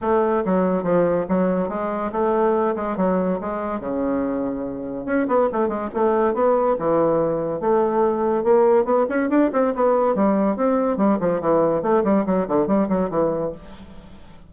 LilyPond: \new Staff \with { instrumentName = "bassoon" } { \time 4/4 \tempo 4 = 142 a4 fis4 f4 fis4 | gis4 a4. gis8 fis4 | gis4 cis2. | cis'8 b8 a8 gis8 a4 b4 |
e2 a2 | ais4 b8 cis'8 d'8 c'8 b4 | g4 c'4 g8 f8 e4 | a8 g8 fis8 d8 g8 fis8 e4 | }